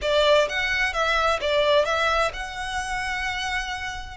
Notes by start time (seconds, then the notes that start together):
0.01 D5
0.49 F#5
0.93 E5
1.40 D5
1.85 E5
2.33 F#5